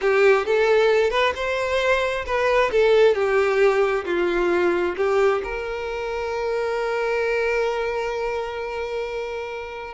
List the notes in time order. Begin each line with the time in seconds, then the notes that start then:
0.01 G4
0.46 A4
1.10 B4
1.35 C5
2.26 B4
2.71 A4
3.14 G4
4.05 F4
4.96 G4
5.43 A#4